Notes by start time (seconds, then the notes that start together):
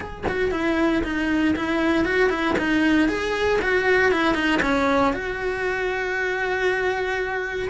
0.00 G#4
0.28 F#4
0.51 E4
1.03 D#4
1.56 E4
2.04 F#4
2.29 E4
2.58 D#4
3.08 G#4
3.61 F#4
4.11 E4
4.34 D#4
4.62 C#4
5.13 F#4